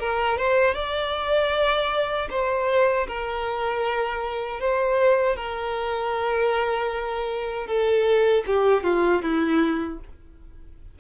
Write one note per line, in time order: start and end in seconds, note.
0.00 0.38 A#4
0.38 0.74 C5
0.74 2.28 D5
2.30 3.07 C5
3.08 4.61 A#4
4.61 5.36 C5
5.36 7.67 A#4
7.67 8.44 A4
8.47 8.84 G4
8.84 9.22 F4
9.22 9.99 E4